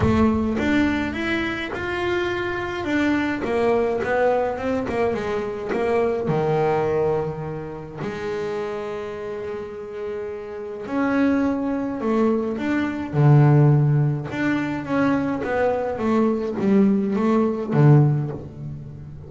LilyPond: \new Staff \with { instrumentName = "double bass" } { \time 4/4 \tempo 4 = 105 a4 d'4 e'4 f'4~ | f'4 d'4 ais4 b4 | c'8 ais8 gis4 ais4 dis4~ | dis2 gis2~ |
gis2. cis'4~ | cis'4 a4 d'4 d4~ | d4 d'4 cis'4 b4 | a4 g4 a4 d4 | }